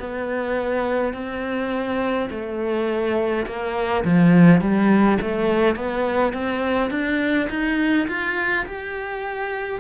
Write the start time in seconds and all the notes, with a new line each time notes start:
0.00 B3
1.14 C4
2.31 A3
3.47 A#3
4.05 F3
4.62 G3
5.22 A3
5.76 B3
6.34 C4
6.91 D4
7.50 D#4
8.08 F4
8.66 G4